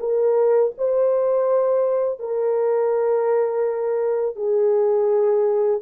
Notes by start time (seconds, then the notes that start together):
0.00 A#4
0.78 C5
2.20 A#4
4.36 G#4